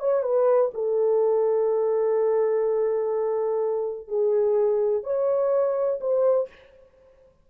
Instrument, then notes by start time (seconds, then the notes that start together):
horn
0.00 C#5
0.23 B4
0.74 A4
4.08 G#4
5.04 C#5
6.01 C5